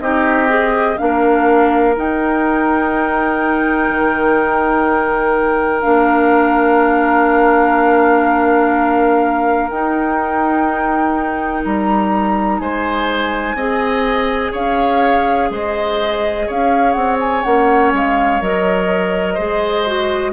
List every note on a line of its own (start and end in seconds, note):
0.00 0.97 C4
0.00 0.48 D#4
0.00 0.99 G4
0.00 0.98 D#5
0.48 0.97 G#4
0.98 1.97 A#3
0.98 1.95 D4
0.98 12.61 A#4
0.98 1.95 F5
1.96 5.83 D#4
1.96 3.90 D#4
1.96 5.82 G5
3.90 5.83 D#3
5.82 9.70 A#3
5.82 9.70 D4
5.82 9.69 F5
9.70 11.64 D#4
9.70 13.58 D#4
9.70 11.64 G5
11.65 12.60 G3
11.65 12.60 A#5
12.60 13.55 G#3
12.60 13.56 C5
12.60 14.53 G#5
13.55 14.52 C4
13.55 17.45 G#4
13.55 14.52 D#5
14.52 15.50 C#4
14.52 15.49 C#5
14.52 15.52 F5
15.50 16.47 G#3
15.50 16.47 C5
15.50 16.50 D#5
16.47 16.96 C#4
16.47 19.35 C#5
16.47 16.93 F5
16.93 17.44 C4
16.93 17.17 F#5
17.20 17.44 G#5
17.44 17.93 A#3
17.44 18.42 C#4
17.44 17.92 F#5
17.93 18.41 G#3
17.93 18.42 F5
18.42 19.38 F#3
18.42 19.39 A#4
18.42 20.34 D#5
19.35 20.34 G#3
19.35 19.87 G#4
19.35 20.31 C5
19.87 20.34 F#4